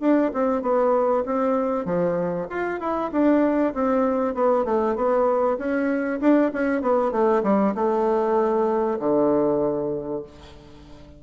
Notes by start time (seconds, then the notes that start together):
0.00 D4
0.33 C4
0.62 B3
1.26 C4
1.85 F3
2.50 F4
2.80 E4
3.12 D4
3.74 C4
4.34 B3
4.65 A3
4.96 B3
5.58 C#4
6.20 D4
6.53 C#4
6.82 B3
7.12 A3
7.43 G3
7.75 A3
8.99 D3